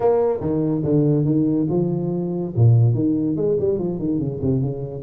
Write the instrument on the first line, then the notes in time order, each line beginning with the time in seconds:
tuba
0.00 A#3
0.40 D#3
0.84 D3
1.25 D#3
1.69 F3
2.55 A#2
2.94 D#3
3.36 G#3
3.59 G3
3.78 F3
3.98 D#3
4.19 C#3
4.41 C3
4.61 C#3